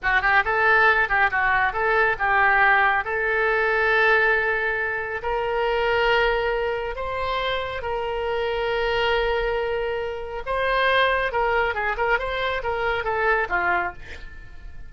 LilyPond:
\new Staff \with { instrumentName = "oboe" } { \time 4/4 \tempo 4 = 138 fis'8 g'8 a'4. g'8 fis'4 | a'4 g'2 a'4~ | a'1 | ais'1 |
c''2 ais'2~ | ais'1 | c''2 ais'4 gis'8 ais'8 | c''4 ais'4 a'4 f'4 | }